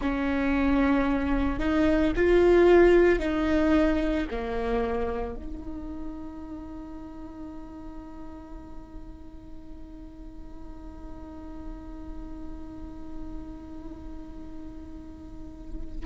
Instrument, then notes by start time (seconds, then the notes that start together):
viola
0.00 C#4
1.59 D#4
2.15 F4
3.19 D#4
4.31 A#3
5.35 D#4